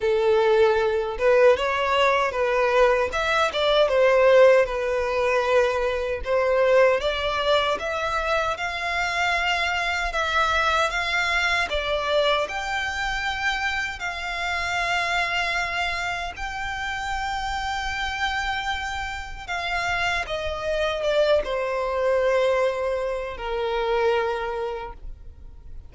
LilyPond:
\new Staff \with { instrumentName = "violin" } { \time 4/4 \tempo 4 = 77 a'4. b'8 cis''4 b'4 | e''8 d''8 c''4 b'2 | c''4 d''4 e''4 f''4~ | f''4 e''4 f''4 d''4 |
g''2 f''2~ | f''4 g''2.~ | g''4 f''4 dis''4 d''8 c''8~ | c''2 ais'2 | }